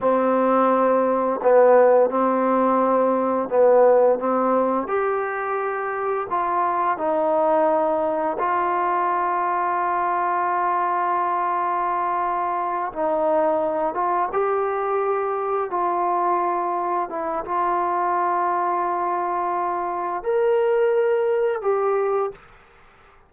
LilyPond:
\new Staff \with { instrumentName = "trombone" } { \time 4/4 \tempo 4 = 86 c'2 b4 c'4~ | c'4 b4 c'4 g'4~ | g'4 f'4 dis'2 | f'1~ |
f'2~ f'8 dis'4. | f'8 g'2 f'4.~ | f'8 e'8 f'2.~ | f'4 ais'2 g'4 | }